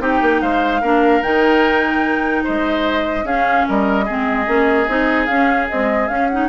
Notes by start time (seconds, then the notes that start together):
0.00 C4 D#4 G4 G5
0.22 A#3
0.42 G#3 C5 F5
0.81 A#3 D4 A#4
1.22 D#3 D#4 G5
2.44 G#3 C5 D#5
3.23 C#4 G#4 F5
3.68 G3 A#4 D#5
4.05 G#3 C4 G#4
4.46 A#3 C#4
4.88 C4 D#4
5.26 C#4 F5
5.69 G#3 C4 D#5
6.08 C#4 F5
6.28 D#4 F#5